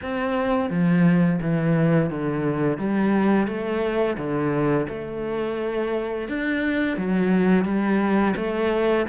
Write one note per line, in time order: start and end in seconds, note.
0.02 0.69 C4
0.69 1.39 F3
1.41 2.09 E3
2.09 2.78 D3
2.78 3.47 G3
3.47 4.16 A3
4.17 4.86 D3
4.88 6.28 A3
6.28 6.97 D4
6.97 7.64 F#3
7.64 8.34 G3
8.36 9.06 A3